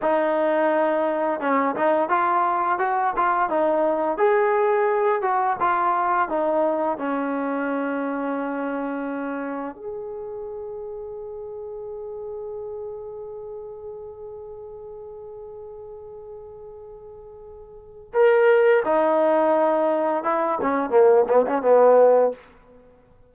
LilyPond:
\new Staff \with { instrumentName = "trombone" } { \time 4/4 \tempo 4 = 86 dis'2 cis'8 dis'8 f'4 | fis'8 f'8 dis'4 gis'4. fis'8 | f'4 dis'4 cis'2~ | cis'2 gis'2~ |
gis'1~ | gis'1~ | gis'2 ais'4 dis'4~ | dis'4 e'8 cis'8 ais8 b16 cis'16 b4 | }